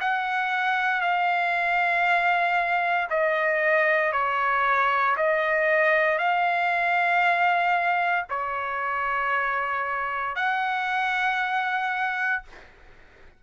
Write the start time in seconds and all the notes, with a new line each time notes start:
0.00 F#5
1.01 F5
3.10 D#5
4.12 C#5
5.16 D#5
6.18 F5
8.29 C#5
10.35 F#5